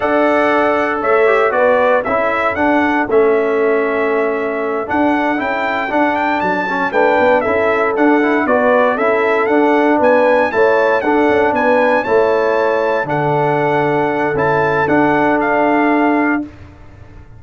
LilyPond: <<
  \new Staff \with { instrumentName = "trumpet" } { \time 4/4 \tempo 4 = 117 fis''2 e''4 d''4 | e''4 fis''4 e''2~ | e''4. fis''4 g''4 fis''8 | g''8 a''4 g''4 e''4 fis''8~ |
fis''8 d''4 e''4 fis''4 gis''8~ | gis''8 a''4 fis''4 gis''4 a''8~ | a''4. fis''2~ fis''8 | a''4 fis''4 f''2 | }
  \new Staff \with { instrumentName = "horn" } { \time 4/4 d''2 cis''4 b'4 | a'1~ | a'1~ | a'4. b'4 a'4.~ |
a'8 b'4 a'2 b'8~ | b'8 cis''4 a'4 b'4 cis''8~ | cis''4. a'2~ a'8~ | a'1 | }
  \new Staff \with { instrumentName = "trombone" } { \time 4/4 a'2~ a'8 g'8 fis'4 | e'4 d'4 cis'2~ | cis'4. d'4 e'4 d'8~ | d'4 cis'8 d'4 e'4 d'8 |
e'8 fis'4 e'4 d'4.~ | d'8 e'4 d'2 e'8~ | e'4. d'2~ d'8 | e'4 d'2. | }
  \new Staff \with { instrumentName = "tuba" } { \time 4/4 d'2 a4 b4 | cis'4 d'4 a2~ | a4. d'4 cis'4 d'8~ | d'8 fis4 a8 b8 cis'4 d'8~ |
d'8 b4 cis'4 d'4 b8~ | b8 a4 d'8 cis'8 b4 a8~ | a4. d2~ d8 | cis'4 d'2. | }
>>